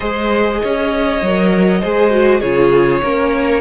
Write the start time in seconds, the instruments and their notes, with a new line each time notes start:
0.00 cello G#3, viola G#4, violin C5 D#5
0.62 cello C#4, violin C#5
1.21 cello F#3, viola A#4
1.81 cello G#3, viola G#4, violin C5
2.10 viola F#4
2.40 cello C#3, viola F4, violin G#4 C#5
3.03 cello A#3, viola C#4, violin A#4